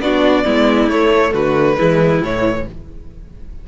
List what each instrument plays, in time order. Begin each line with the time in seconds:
0.00 cello B3, viola D4, violin F#4 D5
0.45 cello G#3, viola B3, violin E4
0.89 cello A3, viola A3, violin C#5
1.32 cello D3, violin F#4 B4
1.78 cello E3, viola G#3, violin E4
2.21 cello A2, viola E3, violin C#5